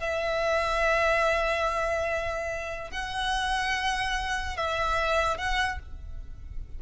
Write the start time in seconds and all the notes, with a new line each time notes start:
0.00 E5
2.91 F#5
4.57 E5
5.37 F#5